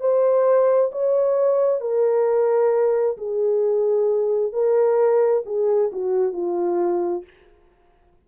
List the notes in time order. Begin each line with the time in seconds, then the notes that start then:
0.00 C5
0.92 C#5
1.81 A#4
3.17 G#4
4.52 A#4
5.45 G#4
5.93 F#4
6.33 F4